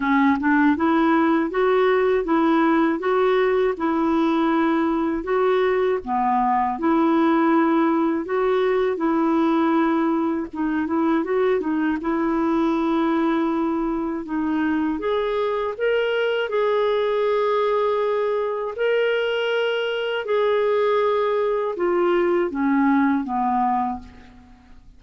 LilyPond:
\new Staff \with { instrumentName = "clarinet" } { \time 4/4 \tempo 4 = 80 cis'8 d'8 e'4 fis'4 e'4 | fis'4 e'2 fis'4 | b4 e'2 fis'4 | e'2 dis'8 e'8 fis'8 dis'8 |
e'2. dis'4 | gis'4 ais'4 gis'2~ | gis'4 ais'2 gis'4~ | gis'4 f'4 cis'4 b4 | }